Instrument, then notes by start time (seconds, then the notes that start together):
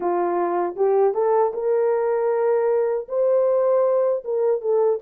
horn
0.00 F4
0.76 G4
1.14 A4
1.53 A#4
3.08 C5
4.24 A#4
4.61 A4